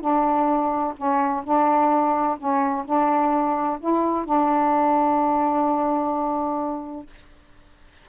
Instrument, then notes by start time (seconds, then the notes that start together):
saxophone
0.00 D4
0.96 C#4
1.44 D4
2.38 C#4
2.85 D4
3.80 E4
4.25 D4